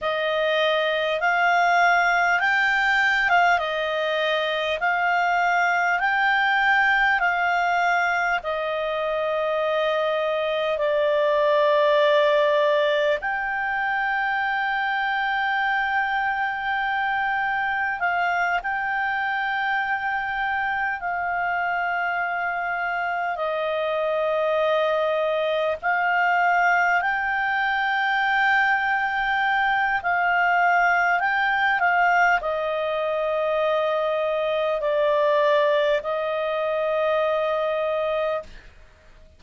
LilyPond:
\new Staff \with { instrumentName = "clarinet" } { \time 4/4 \tempo 4 = 50 dis''4 f''4 g''8. f''16 dis''4 | f''4 g''4 f''4 dis''4~ | dis''4 d''2 g''4~ | g''2. f''8 g''8~ |
g''4. f''2 dis''8~ | dis''4. f''4 g''4.~ | g''4 f''4 g''8 f''8 dis''4~ | dis''4 d''4 dis''2 | }